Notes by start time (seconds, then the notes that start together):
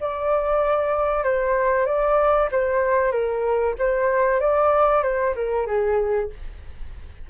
0.00 D5
1.23 C5
1.85 D5
2.51 C5
3.11 A#4
3.78 C5
4.40 D5
5.03 C5
5.35 A#4
5.66 G#4